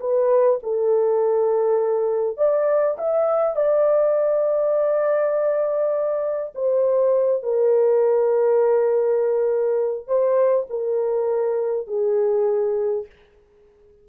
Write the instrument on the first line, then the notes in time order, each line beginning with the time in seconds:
horn
0.00 B4
0.63 A4
2.37 D5
2.98 E5
3.56 D5
6.55 C5
7.43 A#4
10.07 C5
10.70 A#4
11.87 G#4